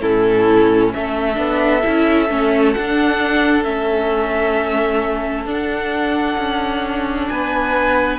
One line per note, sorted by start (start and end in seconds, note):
0.00 0.93 A2
0.00 1.34 C#4
0.00 0.92 E4
0.00 0.93 A4
0.93 1.37 A3
0.93 7.31 A4
0.93 2.72 E5
1.34 1.83 B3
1.34 1.80 D4
1.82 2.30 C#4
1.82 2.28 E4
2.28 2.75 A3
2.28 2.74 C#4
2.72 3.64 D4
2.72 3.63 D4
2.72 3.63 F#5
3.63 5.45 A3
3.63 5.45 C#4
3.63 5.45 E5
5.45 6.36 D4
5.45 8.19 D4
5.45 7.28 F#5
6.38 7.29 C#4
7.28 8.19 B3
7.28 8.19 B4
7.28 8.19 G#5